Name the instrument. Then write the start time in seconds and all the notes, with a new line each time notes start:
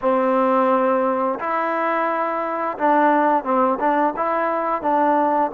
trombone
0.01 C4
1.39 E4
2.77 D4
3.44 C4
3.79 D4
4.16 E4
4.82 D4